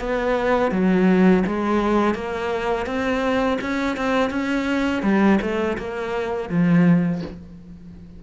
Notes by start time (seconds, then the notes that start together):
0.00 B3
0.72 F#3
1.47 G#3
2.15 A#3
2.86 C4
3.61 C#4
3.97 C4
4.30 C#4
5.03 G3
5.42 A3
5.78 A#3
6.50 F3